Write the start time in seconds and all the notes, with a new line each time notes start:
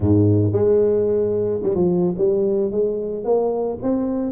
0.00 G#2
0.52 G#3
1.63 G3
1.74 F3
2.18 G3
2.71 G#3
3.24 A#3
3.82 C4